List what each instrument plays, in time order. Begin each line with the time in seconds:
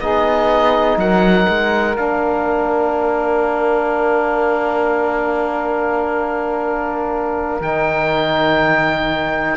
0.00 cello B3, trombone D#4, saxophone G#4, oboe D#5
0.97 cello F#3, saxophone A#4, oboe F#5
1.49 cello G#3
1.96 cello A#3, trombone D4, oboe F5
7.60 cello D#3, trombone D#4, oboe G5